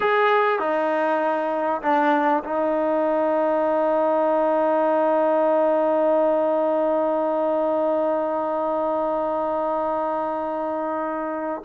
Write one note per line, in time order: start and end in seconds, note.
0.00 0.59 G#4
0.59 1.81 D#4
1.82 2.43 D4
2.44 11.62 D#4